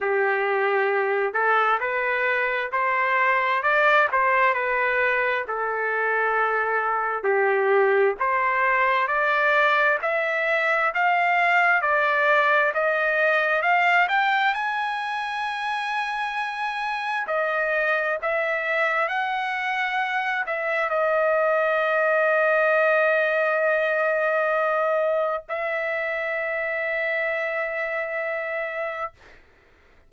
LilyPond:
\new Staff \with { instrumentName = "trumpet" } { \time 4/4 \tempo 4 = 66 g'4. a'8 b'4 c''4 | d''8 c''8 b'4 a'2 | g'4 c''4 d''4 e''4 | f''4 d''4 dis''4 f''8 g''8 |
gis''2. dis''4 | e''4 fis''4. e''8 dis''4~ | dis''1 | e''1 | }